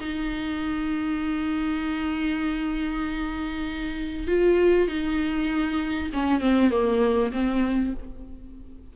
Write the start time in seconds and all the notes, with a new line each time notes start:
0.00 D#4
4.27 F4
4.87 D#4
6.13 C#4
6.40 C4
6.70 A#3
7.32 C4